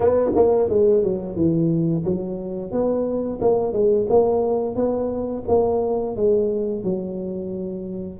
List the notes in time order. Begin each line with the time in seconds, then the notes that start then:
0.00 B3
0.35 A#3
0.68 G#3
1.03 F#3
1.36 E3
2.05 F#3
2.71 B3
3.41 A#3
3.73 G#3
4.09 A#3
4.75 B3
5.48 A#3
6.16 G#3
6.83 F#3